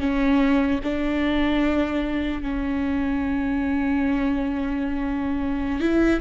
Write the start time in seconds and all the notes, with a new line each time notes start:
0.00 C#4
0.84 D4
2.43 C#4
5.80 E4